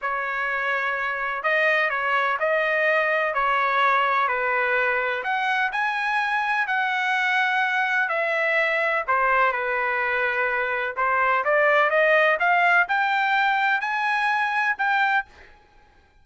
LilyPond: \new Staff \with { instrumentName = "trumpet" } { \time 4/4 \tempo 4 = 126 cis''2. dis''4 | cis''4 dis''2 cis''4~ | cis''4 b'2 fis''4 | gis''2 fis''2~ |
fis''4 e''2 c''4 | b'2. c''4 | d''4 dis''4 f''4 g''4~ | g''4 gis''2 g''4 | }